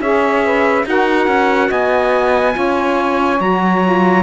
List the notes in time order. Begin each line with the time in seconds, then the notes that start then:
0.00 C#4 G#4 C#5 E5
0.44 B4
0.84 D#4 F#4 A#4 F#5
1.27 C#4
1.69 B3 D#5 G#5
2.52 C#4 F4 C#5
3.39 F#3 F#4 A#5
3.83 F4